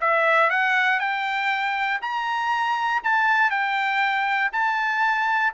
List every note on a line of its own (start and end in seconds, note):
0.00 0.50 E5
0.50 0.99 F#5
0.99 2.00 G5
2.01 3.02 A#5
3.03 3.50 A5
3.50 4.51 G5
4.52 5.53 A5